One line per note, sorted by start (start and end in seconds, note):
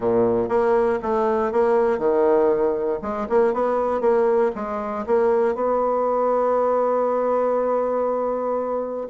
0.00 0.49 A#2
0.49 0.99 A#3
1.02 1.52 A3
1.52 1.98 A#3
1.98 2.99 D#3
3.02 3.27 G#3
3.29 3.53 A#3
3.53 4.00 B3
4.00 4.51 A#3
4.55 5.05 G#3
5.06 5.54 A#3
5.54 9.07 B3